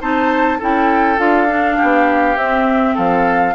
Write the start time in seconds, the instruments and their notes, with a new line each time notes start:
0.00 bassoon C4, clarinet D#4, oboe C5, flute A5
0.59 bassoon C#4, clarinet E4, oboe A4, flute G5
1.18 bassoon D4, clarinet F4, flute F5
1.49 clarinet D4
1.77 bassoon B3, oboe G4
2.36 bassoon C4, clarinet C4, flute E5
2.94 bassoon F3, oboe A4, flute F5